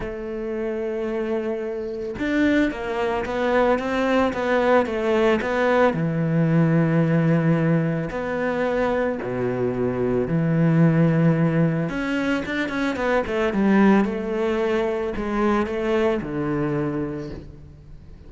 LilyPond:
\new Staff \with { instrumentName = "cello" } { \time 4/4 \tempo 4 = 111 a1 | d'4 ais4 b4 c'4 | b4 a4 b4 e4~ | e2. b4~ |
b4 b,2 e4~ | e2 cis'4 d'8 cis'8 | b8 a8 g4 a2 | gis4 a4 d2 | }